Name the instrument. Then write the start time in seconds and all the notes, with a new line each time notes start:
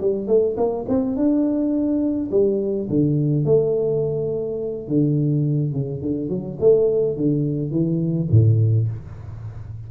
tuba
0.00 G3
0.27 A3
0.57 A#3
0.89 C4
1.16 D4
2.31 G3
2.89 D3
3.45 A3
4.88 D3
5.72 C#3
6.01 D3
6.29 F#3
6.60 A3
7.16 D3
7.71 E3
8.31 A2